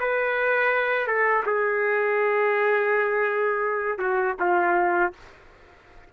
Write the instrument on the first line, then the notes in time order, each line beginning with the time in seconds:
trumpet
0.00 B4
1.07 A4
1.46 G#4
3.98 F#4
4.40 F4